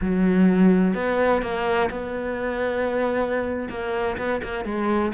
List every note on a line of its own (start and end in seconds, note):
0.01 0.94 F#3
0.94 1.42 B3
1.42 1.89 A#3
1.90 3.69 B3
3.69 4.17 A#3
4.17 4.41 B3
4.43 4.65 A#3
4.65 5.12 G#3